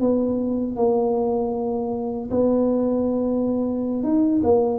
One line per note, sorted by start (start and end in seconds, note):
0.00 0.76 B3
0.76 2.30 A#3
2.30 4.03 B3
4.03 4.42 D#4
4.43 4.78 A#3